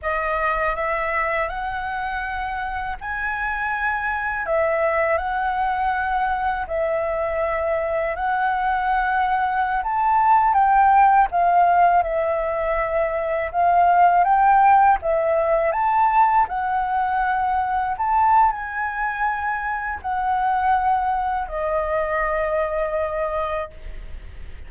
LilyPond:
\new Staff \with { instrumentName = "flute" } { \time 4/4 \tempo 4 = 81 dis''4 e''4 fis''2 | gis''2 e''4 fis''4~ | fis''4 e''2 fis''4~ | fis''4~ fis''16 a''4 g''4 f''8.~ |
f''16 e''2 f''4 g''8.~ | g''16 e''4 a''4 fis''4.~ fis''16~ | fis''16 a''8. gis''2 fis''4~ | fis''4 dis''2. | }